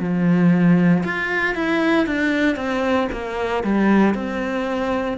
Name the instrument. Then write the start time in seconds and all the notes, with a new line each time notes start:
cello
0.00 F3
1.04 F4
1.55 E4
2.07 D4
2.56 C4
3.12 A#3
3.64 G3
4.15 C4